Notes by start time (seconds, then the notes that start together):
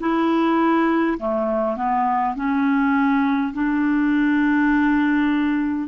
0.00 E4
1.18 A3
1.76 B3
2.36 C#4
3.53 D4